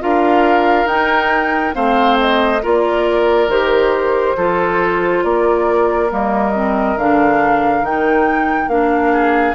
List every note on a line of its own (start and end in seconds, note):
0.00 0.86 D4
0.00 0.87 F4
0.00 1.75 A#4
0.00 0.87 F5
0.86 1.72 D#4
0.86 1.73 D#4
0.86 1.74 G5
1.73 2.63 A3
1.73 2.60 C4
1.73 2.62 C5
1.73 2.18 F5
2.20 2.63 D#5
2.63 3.48 A#3
2.63 3.50 F4
2.63 4.37 A#4
2.63 3.50 D5
3.48 4.35 D#3
3.48 4.37 G4
3.48 5.24 C5
4.37 5.24 F3
4.37 6.09 F4
4.37 5.24 A4
5.24 6.11 A#3
5.24 9.12 A#4
5.24 6.11 D5
6.09 6.96 G3
6.09 6.53 A#3
6.09 6.98 D#5
6.55 6.98 C4
6.96 7.82 D3
6.96 7.85 D4
6.96 7.85 F5
7.82 8.68 D#3
7.82 8.69 D#4
7.82 8.68 G5
8.68 9.55 A#3
8.68 9.55 D4
8.68 9.55 F5
9.12 9.55 G#4